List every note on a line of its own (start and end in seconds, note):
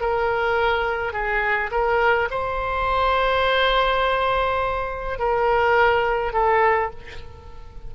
0.00 1.12 A#4
1.12 1.70 G#4
1.70 2.28 A#4
2.30 5.19 C5
5.19 6.33 A#4
6.33 6.90 A4